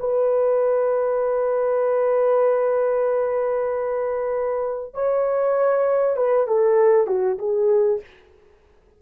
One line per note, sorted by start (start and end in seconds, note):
0.00 4.95 B4
4.95 6.17 C#5
6.17 6.48 B4
6.48 7.07 A4
7.07 7.38 F#4
7.39 8.01 G#4